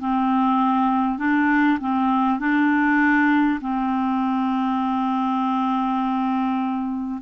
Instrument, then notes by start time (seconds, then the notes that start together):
clarinet
0.00 C4
1.18 D4
1.81 C4
2.39 D4
3.61 C4